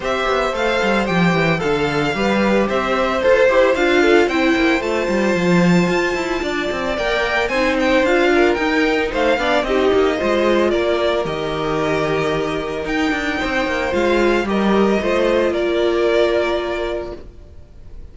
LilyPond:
<<
  \new Staff \with { instrumentName = "violin" } { \time 4/4 \tempo 4 = 112 e''4 f''4 g''4 f''4~ | f''4 e''4 c''4 f''4 | g''4 a''2.~ | a''4 g''4 gis''8 g''8 f''4 |
g''4 f''4 dis''2 | d''4 dis''2. | g''2 f''4 dis''4~ | dis''4 d''2. | }
  \new Staff \with { instrumentName = "violin" } { \time 4/4 c''2. a'4 | b'4 c''2~ c''8 a'8 | c''1 | d''2 c''4. ais'8~ |
ais'4 c''8 d''8 g'4 c''4 | ais'1~ | ais'4 c''2 ais'4 | c''4 ais'2. | }
  \new Staff \with { instrumentName = "viola" } { \time 4/4 g'4 a'4 g'4 a'4 | g'2 a'8 g'8 f'4 | e'4 f'2.~ | f'4 ais'4 dis'4 f'4 |
dis'4. d'8 dis'4 f'4~ | f'4 g'2. | dis'2 f'4 g'4 | f'1 | }
  \new Staff \with { instrumentName = "cello" } { \time 4/4 c'8 b8 a8 g8 f8 e8 d4 | g4 c'4 f'8 e'8 d'4 | c'8 ais8 a8 g8 f4 f'8 e'8 | d'8 c'8 ais4 c'4 d'4 |
dis'4 a8 b8 c'8 ais8 gis4 | ais4 dis2. | dis'8 d'8 c'8 ais8 gis4 g4 | a4 ais2. | }
>>